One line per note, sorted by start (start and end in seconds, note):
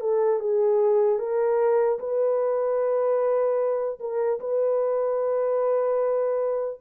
0.00 0.39 A4
0.39 1.18 G#4
1.18 1.98 A#4
1.99 3.99 B4
3.99 4.39 A#4
4.40 6.80 B4